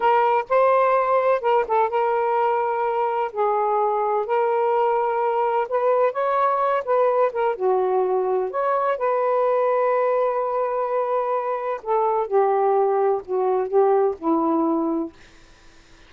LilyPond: \new Staff \with { instrumentName = "saxophone" } { \time 4/4 \tempo 4 = 127 ais'4 c''2 ais'8 a'8 | ais'2. gis'4~ | gis'4 ais'2. | b'4 cis''4. b'4 ais'8 |
fis'2 cis''4 b'4~ | b'1~ | b'4 a'4 g'2 | fis'4 g'4 e'2 | }